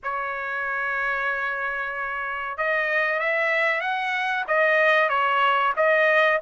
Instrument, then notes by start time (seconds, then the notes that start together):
trumpet
0.03 C#5
2.57 D#5
3.19 E5
3.81 F#5
4.47 D#5
5.09 C#5
5.76 D#5